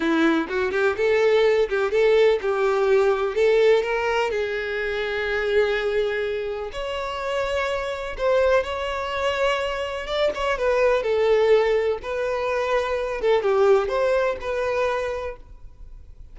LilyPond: \new Staff \with { instrumentName = "violin" } { \time 4/4 \tempo 4 = 125 e'4 fis'8 g'8 a'4. g'8 | a'4 g'2 a'4 | ais'4 gis'2.~ | gis'2 cis''2~ |
cis''4 c''4 cis''2~ | cis''4 d''8 cis''8 b'4 a'4~ | a'4 b'2~ b'8 a'8 | g'4 c''4 b'2 | }